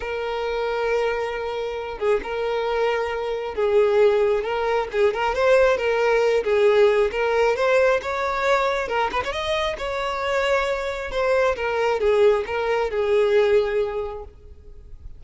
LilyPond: \new Staff \with { instrumentName = "violin" } { \time 4/4 \tempo 4 = 135 ais'1~ | ais'8 gis'8 ais'2. | gis'2 ais'4 gis'8 ais'8 | c''4 ais'4. gis'4. |
ais'4 c''4 cis''2 | ais'8 b'16 cis''16 dis''4 cis''2~ | cis''4 c''4 ais'4 gis'4 | ais'4 gis'2. | }